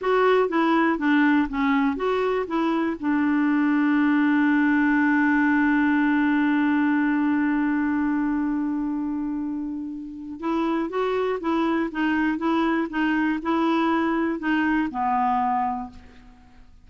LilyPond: \new Staff \with { instrumentName = "clarinet" } { \time 4/4 \tempo 4 = 121 fis'4 e'4 d'4 cis'4 | fis'4 e'4 d'2~ | d'1~ | d'1~ |
d'1~ | d'4 e'4 fis'4 e'4 | dis'4 e'4 dis'4 e'4~ | e'4 dis'4 b2 | }